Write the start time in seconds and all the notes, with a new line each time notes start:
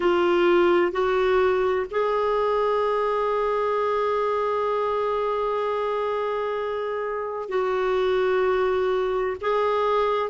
0.00 F4
0.92 F#4
1.90 G#4
7.48 F#4
9.41 G#4